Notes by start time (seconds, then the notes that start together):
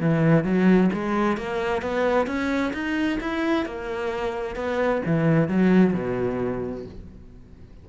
0.00 E3
0.44 F#3
0.93 G#3
1.37 A#3
1.82 B3
2.27 C#4
2.73 D#4
3.20 E4
3.65 A#3
4.56 B3
5.05 E3
5.48 F#3
5.93 B2